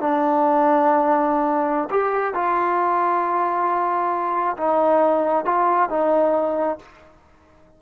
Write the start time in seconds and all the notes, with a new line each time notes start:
0.00 D4
1.90 G4
2.34 F4
4.58 D#4
5.45 F4
5.89 D#4